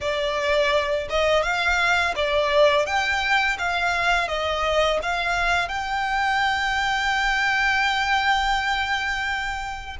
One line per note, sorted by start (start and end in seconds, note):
0.00 1.07 D5
1.09 1.43 D#5
1.43 2.14 F5
2.15 2.86 D5
2.86 3.57 G5
3.58 4.28 F5
4.28 4.99 D#5
5.02 5.68 F5
5.68 9.96 G5